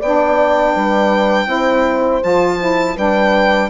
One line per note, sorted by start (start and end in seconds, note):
0.00 0.76 B3
0.00 1.48 D4
0.00 0.74 D5
0.00 2.23 G5
0.74 1.47 G3
0.74 1.48 B4
1.47 2.21 C4
1.47 2.22 E4
1.47 2.96 C5
2.22 2.98 F3
2.22 2.59 F4
2.22 2.98 A5
2.60 2.97 E4
2.96 3.70 G3
2.96 3.70 D4
2.96 3.70 B4
2.96 3.70 G5